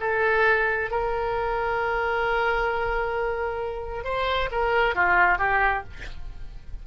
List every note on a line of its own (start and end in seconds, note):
0.00 0.90 A4
0.90 4.04 A#4
4.04 4.49 C5
4.51 4.95 A#4
4.95 5.38 F4
5.38 5.83 G4